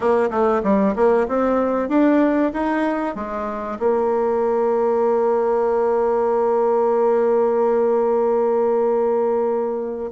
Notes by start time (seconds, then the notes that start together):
0.00 A#3
0.30 A3
0.63 G3
0.95 A#3
1.28 C4
1.88 D4
2.53 D#4
3.15 G#3
3.79 A#3